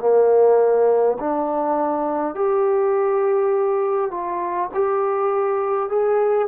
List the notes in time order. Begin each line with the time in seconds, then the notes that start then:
0.00 A#3
1.19 D4
2.35 G4
4.11 F4
4.74 G4
5.89 G#4